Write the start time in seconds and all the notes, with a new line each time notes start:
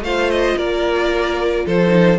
0.00 A3 F4 C5 F5
0.30 D#5
0.57 A#3 A#4 D5
1.65 F3 A4 C5
1.88 D#4